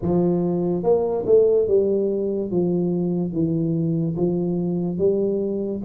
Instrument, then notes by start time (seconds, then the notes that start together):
tuba
0.02 F3
0.83 A#3
1.26 A3
1.67 G3
2.50 F3
3.33 E3
4.16 F3
4.98 G3